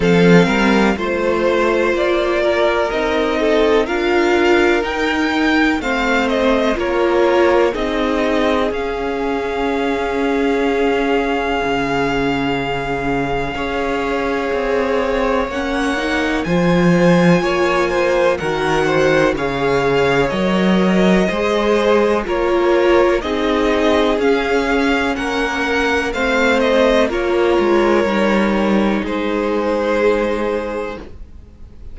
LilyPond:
<<
  \new Staff \with { instrumentName = "violin" } { \time 4/4 \tempo 4 = 62 f''4 c''4 d''4 dis''4 | f''4 g''4 f''8 dis''8 cis''4 | dis''4 f''2.~ | f''1 |
fis''4 gis''2 fis''4 | f''4 dis''2 cis''4 | dis''4 f''4 fis''4 f''8 dis''8 | cis''2 c''2 | }
  \new Staff \with { instrumentName = "violin" } { \time 4/4 a'8 ais'8 c''4. ais'4 a'8 | ais'2 c''4 ais'4 | gis'1~ | gis'2 cis''2~ |
cis''4 c''4 cis''8 c''8 ais'8 c''8 | cis''2 c''4 ais'4 | gis'2 ais'4 c''4 | ais'2 gis'2 | }
  \new Staff \with { instrumentName = "viola" } { \time 4/4 c'4 f'2 dis'4 | f'4 dis'4 c'4 f'4 | dis'4 cis'2.~ | cis'2 gis'2 |
cis'8 dis'8 f'2 fis'4 | gis'4 ais'4 gis'4 f'4 | dis'4 cis'2 c'4 | f'4 dis'2. | }
  \new Staff \with { instrumentName = "cello" } { \time 4/4 f8 g8 a4 ais4 c'4 | d'4 dis'4 a4 ais4 | c'4 cis'2. | cis2 cis'4 c'4 |
ais4 f4 ais4 dis4 | cis4 fis4 gis4 ais4 | c'4 cis'4 ais4 a4 | ais8 gis8 g4 gis2 | }
>>